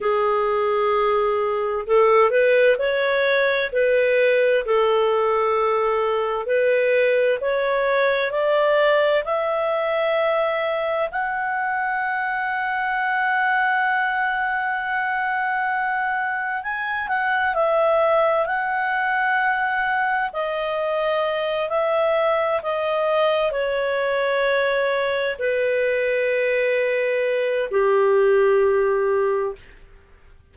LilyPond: \new Staff \with { instrumentName = "clarinet" } { \time 4/4 \tempo 4 = 65 gis'2 a'8 b'8 cis''4 | b'4 a'2 b'4 | cis''4 d''4 e''2 | fis''1~ |
fis''2 gis''8 fis''8 e''4 | fis''2 dis''4. e''8~ | e''8 dis''4 cis''2 b'8~ | b'2 g'2 | }